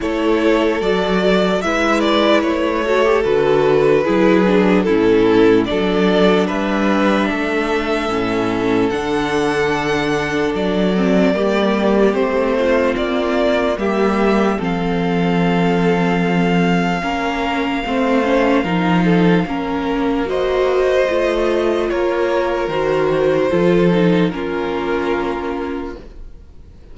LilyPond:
<<
  \new Staff \with { instrumentName = "violin" } { \time 4/4 \tempo 4 = 74 cis''4 d''4 e''8 d''8 cis''4 | b'2 a'4 d''4 | e''2. fis''4~ | fis''4 d''2 c''4 |
d''4 e''4 f''2~ | f''1~ | f''4 dis''2 cis''4 | c''2 ais'2 | }
  \new Staff \with { instrumentName = "violin" } { \time 4/4 a'2 b'4. a'8~ | a'4 gis'4 e'4 a'4 | b'4 a'2.~ | a'2 g'4. f'8~ |
f'4 g'4 a'2~ | a'4 ais'4 c''4 ais'8 a'8 | ais'4 c''2 ais'4~ | ais'4 a'4 f'2 | }
  \new Staff \with { instrumentName = "viola" } { \time 4/4 e'4 fis'4 e'4. fis'16 g'16 | fis'4 e'8 d'8 cis'4 d'4~ | d'2 cis'4 d'4~ | d'4. c'8 ais4 c'4~ |
c'4 ais4 c'2~ | c'4 cis'4 c'8 cis'8 dis'4 | cis'4 fis'4 f'2 | fis'4 f'8 dis'8 cis'2 | }
  \new Staff \with { instrumentName = "cello" } { \time 4/4 a4 fis4 gis4 a4 | d4 fis4 a,4 fis4 | g4 a4 a,4 d4~ | d4 fis4 g4 a4 |
ais4 g4 f2~ | f4 ais4 a4 f4 | ais2 a4 ais4 | dis4 f4 ais2 | }
>>